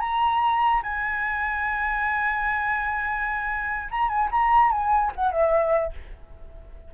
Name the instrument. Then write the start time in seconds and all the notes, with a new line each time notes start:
flute
0.00 A#5
0.83 G#5
3.91 A#5
4.08 G#5
4.31 A#5
4.71 G#5
5.16 F#5
5.32 E5